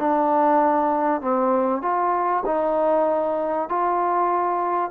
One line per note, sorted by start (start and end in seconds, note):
0.00 1.21 D4
1.21 1.82 C4
1.82 2.44 F4
2.46 3.69 D#4
3.69 4.91 F4